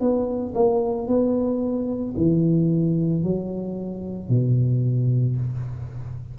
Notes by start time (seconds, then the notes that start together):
0.00 B3
0.55 A#3
1.08 B3
2.17 E3
3.24 F#3
4.29 B2